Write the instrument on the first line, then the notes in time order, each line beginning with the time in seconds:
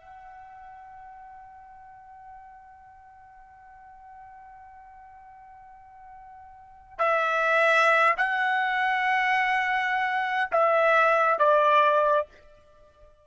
trumpet
0.00 F#5
6.99 E5
8.17 F#5
10.52 E5
11.39 D5